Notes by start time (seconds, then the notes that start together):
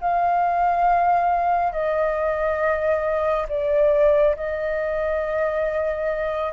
0.00 F5
1.72 D#5
3.49 D5
4.36 D#5